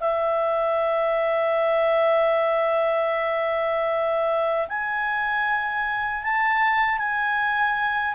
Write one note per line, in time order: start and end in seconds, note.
0.00 4.68 E5
4.68 6.23 G#5
6.23 6.98 A5
6.98 8.14 G#5